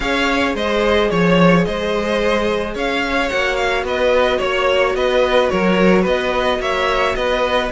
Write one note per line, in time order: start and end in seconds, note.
0.00 0.55 C#4
0.00 3.28 G#4
0.00 0.55 C#5
0.00 0.54 F5
0.55 1.10 G#3
0.55 1.10 C5
0.55 1.10 D#5
1.10 1.66 F3
1.10 1.64 C#5
1.10 1.66 C#5
1.64 2.75 G#3
1.64 2.74 C5
1.64 2.74 D#5
2.74 3.30 C#4
2.74 3.84 C#5
2.74 3.29 F5
3.28 3.83 A#3
3.28 7.69 F#4
3.28 3.56 F#5
3.56 3.83 F5
3.83 4.38 B3
3.83 4.37 B4
3.83 4.41 D#5
4.37 4.94 A#3
4.37 4.92 C#5
4.37 4.95 C#5
4.94 5.49 B3
4.94 5.52 B4
4.94 5.49 D#5
5.49 6.05 F#3
5.49 6.01 A#4
5.49 6.04 C#5
6.01 6.59 B3
6.01 6.56 B4
6.01 6.61 D#5
6.59 7.14 A#3
6.59 7.16 C#5
6.59 7.15 E5
7.15 7.71 B3
7.15 7.71 B4
7.15 7.70 D#5